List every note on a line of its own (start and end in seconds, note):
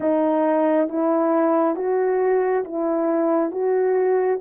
0.00 0.88 D#4
0.88 1.75 E4
1.75 2.64 F#4
2.64 3.51 E4
3.51 4.39 F#4